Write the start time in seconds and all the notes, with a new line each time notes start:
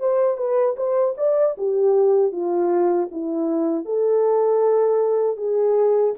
0.00 C5
0.38 B4
0.77 C5
1.17 D5
1.58 G4
2.32 F4
3.12 E4
3.86 A4
5.37 G#4